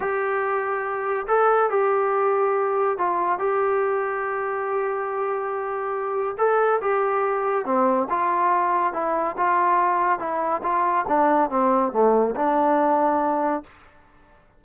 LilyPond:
\new Staff \with { instrumentName = "trombone" } { \time 4/4 \tempo 4 = 141 g'2. a'4 | g'2. f'4 | g'1~ | g'2. a'4 |
g'2 c'4 f'4~ | f'4 e'4 f'2 | e'4 f'4 d'4 c'4 | a4 d'2. | }